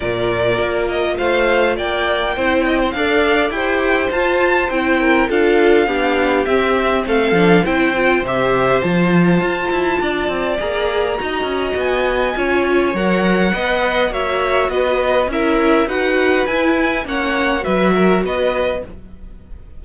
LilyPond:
<<
  \new Staff \with { instrumentName = "violin" } { \time 4/4 \tempo 4 = 102 d''4. dis''8 f''4 g''4~ | g''4 f''4 g''4 a''4 | g''4 f''2 e''4 | f''4 g''4 e''4 a''4~ |
a''2 ais''2 | gis''2 fis''2 | e''4 dis''4 e''4 fis''4 | gis''4 fis''4 e''4 dis''4 | }
  \new Staff \with { instrumentName = "violin" } { \time 4/4 ais'2 c''4 d''4 | c''8 dis''16 c''16 d''4 c''2~ | c''8 ais'8 a'4 g'2 | a'4 c''2.~ |
c''4 d''2 dis''4~ | dis''4 cis''2 dis''4 | cis''4 b'4 ais'4 b'4~ | b'4 cis''4 b'8 ais'8 b'4 | }
  \new Staff \with { instrumentName = "viola" } { \time 4/4 f'1 | e'4 a'4 g'4 f'4 | e'4 f'4 d'4 c'4~ | c'8 d'8 e'8 f'8 g'4 f'4~ |
f'2 gis'4 fis'4~ | fis'4 f'4 ais'4 b'4 | fis'2 e'4 fis'4 | e'4 cis'4 fis'2 | }
  \new Staff \with { instrumentName = "cello" } { \time 4/4 ais,4 ais4 a4 ais4 | c'4 d'4 e'4 f'4 | c'4 d'4 b4 c'4 | a8 f8 c'4 c4 f4 |
f'8 e'8 d'8 c'8 ais4 dis'8 cis'8 | b4 cis'4 fis4 b4 | ais4 b4 cis'4 dis'4 | e'4 ais4 fis4 b4 | }
>>